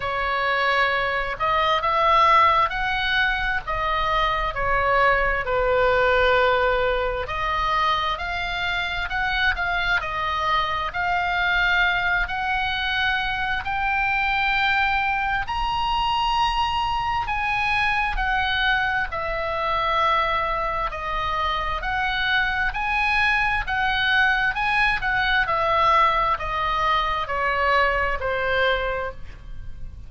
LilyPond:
\new Staff \with { instrumentName = "oboe" } { \time 4/4 \tempo 4 = 66 cis''4. dis''8 e''4 fis''4 | dis''4 cis''4 b'2 | dis''4 f''4 fis''8 f''8 dis''4 | f''4. fis''4. g''4~ |
g''4 ais''2 gis''4 | fis''4 e''2 dis''4 | fis''4 gis''4 fis''4 gis''8 fis''8 | e''4 dis''4 cis''4 c''4 | }